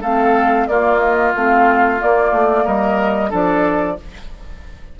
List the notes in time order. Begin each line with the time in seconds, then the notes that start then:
0.00 A3 C4 A4 F5
0.67 A#3 F4 D5
0.99 D#5
1.34 A3 C4 F5
1.98 A#3 D5
2.31 A3
2.64 G3 A#4 D#5
3.29 F3 D4 A4 D5